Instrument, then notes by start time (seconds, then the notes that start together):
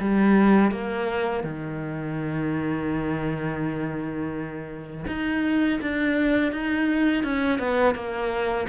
cello
0.00 G3
0.71 A#3
1.44 D#3
5.07 D#4
5.81 D4
6.52 D#4
7.24 C#4
7.59 B3
7.95 A#3